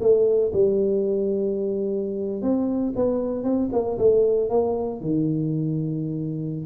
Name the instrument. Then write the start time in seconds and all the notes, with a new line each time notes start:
tuba
0.00 A3
0.53 G3
2.42 C4
2.95 B3
3.43 C4
3.72 A#3
3.98 A3
4.49 A#3
5.01 D#3